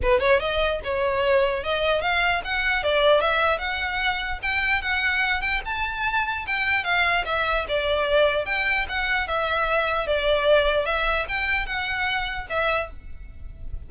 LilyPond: \new Staff \with { instrumentName = "violin" } { \time 4/4 \tempo 4 = 149 b'8 cis''8 dis''4 cis''2 | dis''4 f''4 fis''4 d''4 | e''4 fis''2 g''4 | fis''4. g''8 a''2 |
g''4 f''4 e''4 d''4~ | d''4 g''4 fis''4 e''4~ | e''4 d''2 e''4 | g''4 fis''2 e''4 | }